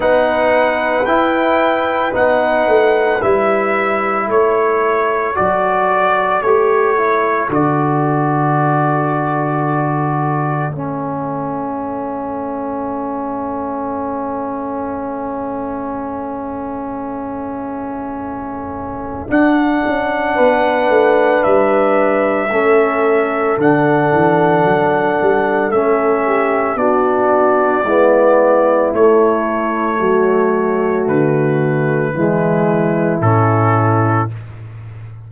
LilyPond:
<<
  \new Staff \with { instrumentName = "trumpet" } { \time 4/4 \tempo 4 = 56 fis''4 g''4 fis''4 e''4 | cis''4 d''4 cis''4 d''4~ | d''2 e''2~ | e''1~ |
e''2 fis''2 | e''2 fis''2 | e''4 d''2 cis''4~ | cis''4 b'2 a'4 | }
  \new Staff \with { instrumentName = "horn" } { \time 4/4 b'1 | a'1~ | a'1~ | a'1~ |
a'2. b'4~ | b'4 a'2.~ | a'8 g'8 fis'4 e'2 | fis'2 e'2 | }
  \new Staff \with { instrumentName = "trombone" } { \time 4/4 dis'4 e'4 dis'4 e'4~ | e'4 fis'4 g'8 e'8 fis'4~ | fis'2 cis'2~ | cis'1~ |
cis'2 d'2~ | d'4 cis'4 d'2 | cis'4 d'4 b4 a4~ | a2 gis4 cis'4 | }
  \new Staff \with { instrumentName = "tuba" } { \time 4/4 b4 e'4 b8 a8 g4 | a4 fis4 a4 d4~ | d2 a2~ | a1~ |
a2 d'8 cis'8 b8 a8 | g4 a4 d8 e8 fis8 g8 | a4 b4 gis4 a4 | fis4 d4 e4 a,4 | }
>>